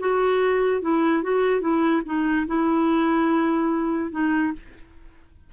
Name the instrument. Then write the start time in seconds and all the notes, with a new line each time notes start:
clarinet
0.00 F#4
0.82 E4
1.23 F#4
1.61 E4
2.06 D#4
2.47 E4
4.12 D#4